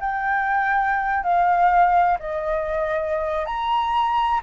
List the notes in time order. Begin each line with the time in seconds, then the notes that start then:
0.00 G5
1.23 F5
2.19 D#5
3.46 A#5